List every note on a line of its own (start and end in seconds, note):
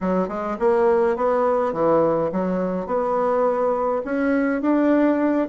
0.00 0.28 F#3
0.28 0.57 G#3
0.59 1.16 A#3
1.16 1.73 B3
1.73 2.30 E3
2.32 2.86 F#3
2.86 4.01 B3
4.04 4.61 C#4
4.61 5.48 D4